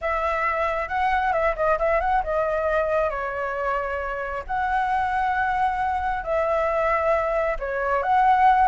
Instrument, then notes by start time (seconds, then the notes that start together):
flute
0.01 E5
0.88 F#5
1.33 E5
1.56 D#5
1.79 E5
2.00 F#5
2.23 D#5
3.10 C#5
4.46 F#5
6.23 E5
7.59 C#5
8.02 F#5